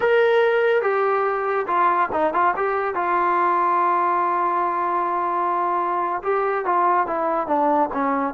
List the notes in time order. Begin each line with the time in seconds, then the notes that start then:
0.00 A#4
0.82 G4
1.67 F4
2.12 D#4
2.33 F4
2.56 G4
2.94 F4
6.22 G4
6.65 F4
7.06 E4
7.47 D4
7.93 C#4